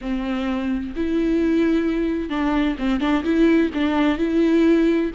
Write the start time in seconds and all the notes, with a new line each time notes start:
0.01 C4
0.95 E4
2.29 D4
2.78 C4
3.00 D4
3.23 E4
3.73 D4
4.18 E4